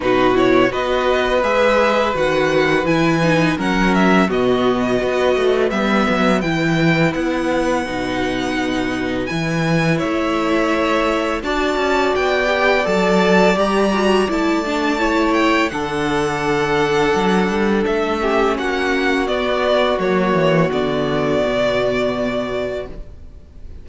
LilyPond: <<
  \new Staff \with { instrumentName = "violin" } { \time 4/4 \tempo 4 = 84 b'8 cis''8 dis''4 e''4 fis''4 | gis''4 fis''8 e''8 dis''2 | e''4 g''4 fis''2~ | fis''4 gis''4 e''2 |
a''4 g''4 a''4 ais''4 | a''4. g''8 fis''2~ | fis''4 e''4 fis''4 d''4 | cis''4 d''2. | }
  \new Staff \with { instrumentName = "violin" } { \time 4/4 fis'4 b'2.~ | b'4 ais'4 fis'4 b'4~ | b'1~ | b'2 cis''2 |
d''1~ | d''4 cis''4 a'2~ | a'4. g'8 fis'2~ | fis'1 | }
  \new Staff \with { instrumentName = "viola" } { \time 4/4 dis'8 e'8 fis'4 gis'4 fis'4 | e'8 dis'8 cis'4 b4 fis'4 | b4 e'2 dis'4~ | dis'4 e'2. |
fis'4. g'8 a'4 g'8 fis'8 | e'8 d'8 e'4 d'2~ | d'4. cis'4. b4 | ais4 b2. | }
  \new Staff \with { instrumentName = "cello" } { \time 4/4 b,4 b4 gis4 dis4 | e4 fis4 b,4 b8 a8 | g8 fis8 e4 b4 b,4~ | b,4 e4 a2 |
d'8 cis'8 b4 fis4 g4 | a2 d2 | fis8 g8 a4 ais4 b4 | fis8 e8 d4 b,2 | }
>>